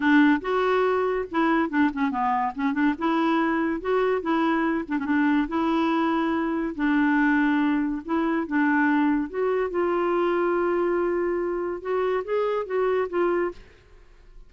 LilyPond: \new Staff \with { instrumentName = "clarinet" } { \time 4/4 \tempo 4 = 142 d'4 fis'2 e'4 | d'8 cis'8 b4 cis'8 d'8 e'4~ | e'4 fis'4 e'4. d'16 cis'16 | d'4 e'2. |
d'2. e'4 | d'2 fis'4 f'4~ | f'1 | fis'4 gis'4 fis'4 f'4 | }